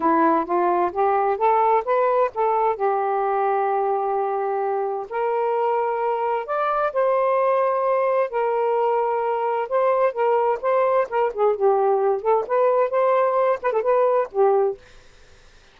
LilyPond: \new Staff \with { instrumentName = "saxophone" } { \time 4/4 \tempo 4 = 130 e'4 f'4 g'4 a'4 | b'4 a'4 g'2~ | g'2. ais'4~ | ais'2 d''4 c''4~ |
c''2 ais'2~ | ais'4 c''4 ais'4 c''4 | ais'8 gis'8 g'4. a'8 b'4 | c''4. b'16 a'16 b'4 g'4 | }